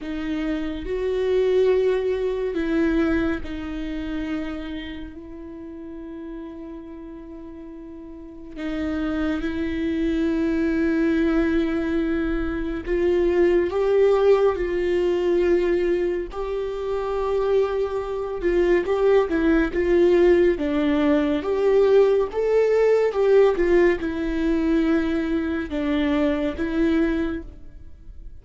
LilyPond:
\new Staff \with { instrumentName = "viola" } { \time 4/4 \tempo 4 = 70 dis'4 fis'2 e'4 | dis'2 e'2~ | e'2 dis'4 e'4~ | e'2. f'4 |
g'4 f'2 g'4~ | g'4. f'8 g'8 e'8 f'4 | d'4 g'4 a'4 g'8 f'8 | e'2 d'4 e'4 | }